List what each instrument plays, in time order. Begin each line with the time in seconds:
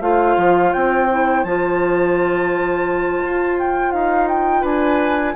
0.00 bassoon A3, clarinet F4, oboe C5, flute F5
0.37 bassoon F3
0.73 bassoon C4, flute G5
1.10 clarinet E4
1.44 bassoon F3, clarinet F4, flute A5
3.24 bassoon F4
3.58 flute G5
3.92 bassoon D#4, flute F5
4.28 flute G5
4.61 bassoon D4, oboe B4, flute G#5